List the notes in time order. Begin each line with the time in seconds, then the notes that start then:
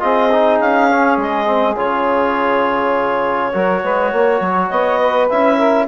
0.00 C4 F4 G#4 D#5
0.32 D#4
0.60 C#4 F5
0.91 C#4
1.17 G#3 D#5
1.47 C4
1.77 C#3 F4 C#5
3.54 F#3 F#4 A#4
3.84 G#3 B4
4.13 A#3 C#5
4.41 F#3
4.70 B3 D#5
5.00 B4
5.30 C#4 E4 E5
5.57 A#4